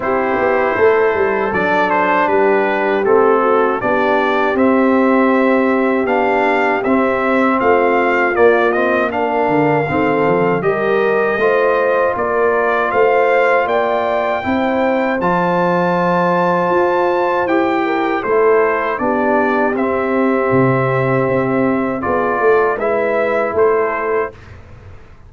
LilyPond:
<<
  \new Staff \with { instrumentName = "trumpet" } { \time 4/4 \tempo 4 = 79 c''2 d''8 c''8 b'4 | a'4 d''4 e''2 | f''4 e''4 f''4 d''8 dis''8 | f''2 dis''2 |
d''4 f''4 g''2 | a''2. g''4 | c''4 d''4 e''2~ | e''4 d''4 e''4 c''4 | }
  \new Staff \with { instrumentName = "horn" } { \time 4/4 g'4 a'2 g'4~ | g'8 fis'8 g'2.~ | g'2 f'2 | ais'4 a'4 ais'4 c''4 |
ais'4 c''4 d''4 c''4~ | c''2.~ c''8 ais'8 | a'4 g'2.~ | g'4 gis'8 a'8 b'4 a'4 | }
  \new Staff \with { instrumentName = "trombone" } { \time 4/4 e'2 d'2 | c'4 d'4 c'2 | d'4 c'2 ais8 c'8 | d'4 c'4 g'4 f'4~ |
f'2. e'4 | f'2. g'4 | e'4 d'4 c'2~ | c'4 f'4 e'2 | }
  \new Staff \with { instrumentName = "tuba" } { \time 4/4 c'8 b8 a8 g8 fis4 g4 | a4 b4 c'2 | b4 c'4 a4 ais4~ | ais8 d8 dis8 f8 g4 a4 |
ais4 a4 ais4 c'4 | f2 f'4 e'4 | a4 b4 c'4 c4 | c'4 b8 a8 gis4 a4 | }
>>